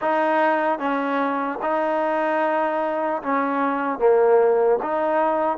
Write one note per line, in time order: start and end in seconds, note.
0.01 0.78 D#4
0.78 1.58 C#4
1.62 3.22 D#4
3.22 3.98 C#4
3.98 4.78 A#3
4.82 5.57 D#4